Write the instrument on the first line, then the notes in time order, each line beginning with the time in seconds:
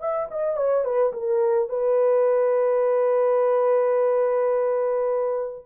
horn
0.00 E5
0.31 D#5
0.57 C#5
0.84 B4
1.13 A#4
1.69 B4